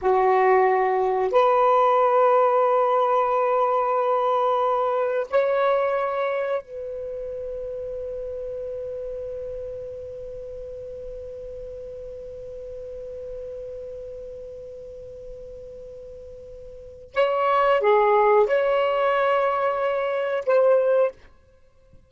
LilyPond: \new Staff \with { instrumentName = "saxophone" } { \time 4/4 \tempo 4 = 91 fis'2 b'2~ | b'1 | cis''2 b'2~ | b'1~ |
b'1~ | b'1~ | b'2 cis''4 gis'4 | cis''2. c''4 | }